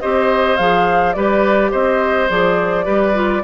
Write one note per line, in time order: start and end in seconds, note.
0.00 0.59 C4
0.00 0.59 G4
0.00 1.16 C5
0.00 0.57 D#5
0.57 1.15 F3
0.57 1.15 G#4
0.57 1.13 F5
1.13 1.72 G3
1.13 2.29 G4
1.13 1.71 B4
1.13 1.70 D5
1.71 2.30 C4
1.71 2.85 C5
1.71 2.30 D#5
2.29 2.87 F3
2.29 2.85 G#4
2.29 3.44 D5
2.85 3.44 G3
2.85 3.13 G4
2.85 3.42 B4
3.14 3.42 F4